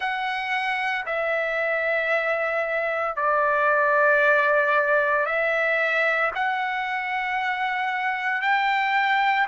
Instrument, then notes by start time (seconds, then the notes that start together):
trumpet
0.00 F#5
1.06 E5
3.16 D5
5.26 E5
6.34 F#5
8.41 G5